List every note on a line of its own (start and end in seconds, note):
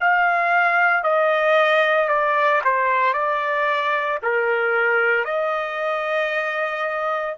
0.00 1.03 F5
1.03 2.09 D#5
2.09 2.61 D5
2.64 3.13 C5
3.13 4.19 D5
4.22 5.24 A#4
5.24 7.35 D#5